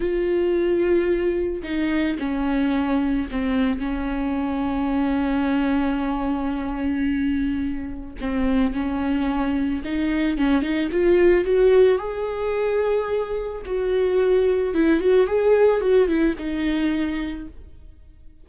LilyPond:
\new Staff \with { instrumentName = "viola" } { \time 4/4 \tempo 4 = 110 f'2. dis'4 | cis'2 c'4 cis'4~ | cis'1~ | cis'2. c'4 |
cis'2 dis'4 cis'8 dis'8 | f'4 fis'4 gis'2~ | gis'4 fis'2 e'8 fis'8 | gis'4 fis'8 e'8 dis'2 | }